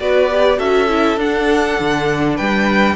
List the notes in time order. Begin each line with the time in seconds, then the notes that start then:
0.00 B3 F#4 B4 D5
0.31 G4
0.58 C#4 F#4 A4 E5
0.89 E4
1.17 D4 F#5
1.80 D3
2.36 G3 B4 G5